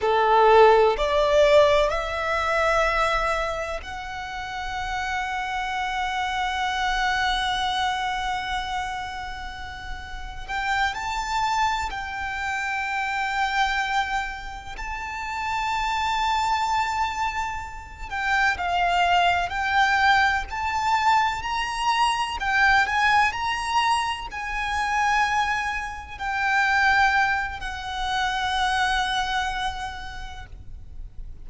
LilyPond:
\new Staff \with { instrumentName = "violin" } { \time 4/4 \tempo 4 = 63 a'4 d''4 e''2 | fis''1~ | fis''2. g''8 a''8~ | a''8 g''2. a''8~ |
a''2. g''8 f''8~ | f''8 g''4 a''4 ais''4 g''8 | gis''8 ais''4 gis''2 g''8~ | g''4 fis''2. | }